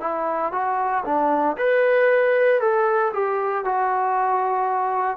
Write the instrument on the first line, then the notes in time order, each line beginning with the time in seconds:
trombone
0.00 E4
0.52 F#4
1.04 D4
1.57 B4
2.61 A4
3.13 G4
3.64 F#4